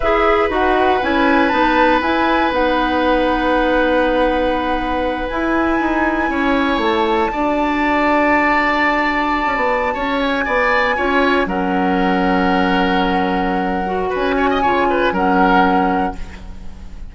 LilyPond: <<
  \new Staff \with { instrumentName = "flute" } { \time 4/4 \tempo 4 = 119 e''4 fis''4 gis''4 a''4 | gis''4 fis''2.~ | fis''2~ fis''8 gis''4.~ | gis''4. a''2~ a''8~ |
a''1~ | a''16 gis''2~ gis''8 fis''4~ fis''16~ | fis''1 | gis''2 fis''2 | }
  \new Staff \with { instrumentName = "oboe" } { \time 4/4 b'1~ | b'1~ | b'1~ | b'8 cis''2 d''4.~ |
d''2.~ d''8. cis''16~ | cis''8. d''4 cis''4 ais'4~ ais'16~ | ais'1 | b'8 cis''16 dis''16 cis''8 b'8 ais'2 | }
  \new Staff \with { instrumentName = "clarinet" } { \time 4/4 gis'4 fis'4 e'4 dis'4 | e'4 dis'2.~ | dis'2~ dis'8 e'4.~ | e'2~ e'8 fis'4.~ |
fis'1~ | fis'4.~ fis'16 f'4 cis'4~ cis'16~ | cis'2.~ cis'8 fis'8~ | fis'4 f'4 cis'2 | }
  \new Staff \with { instrumentName = "bassoon" } { \time 4/4 e'4 dis'4 cis'4 b4 | e'4 b2.~ | b2~ b8 e'4 dis'8~ | dis'8 cis'4 a4 d'4.~ |
d'2~ d'8. cis'16 b8. cis'16~ | cis'8. b4 cis'4 fis4~ fis16~ | fis1 | cis'4 cis4 fis2 | }
>>